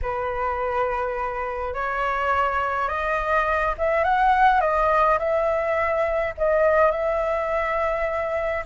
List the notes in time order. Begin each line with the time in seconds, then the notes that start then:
0.02 B4
1.74 C#5
2.88 D#5
3.77 E5
4.04 F#5
4.60 D#5
5.18 E5
6.37 D#5
6.91 E5